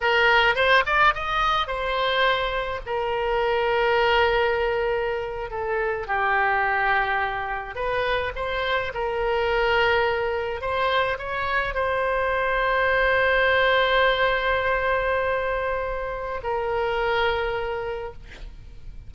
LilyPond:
\new Staff \with { instrumentName = "oboe" } { \time 4/4 \tempo 4 = 106 ais'4 c''8 d''8 dis''4 c''4~ | c''4 ais'2.~ | ais'4.~ ais'16 a'4 g'4~ g'16~ | g'4.~ g'16 b'4 c''4 ais'16~ |
ais'2~ ais'8. c''4 cis''16~ | cis''8. c''2.~ c''16~ | c''1~ | c''4 ais'2. | }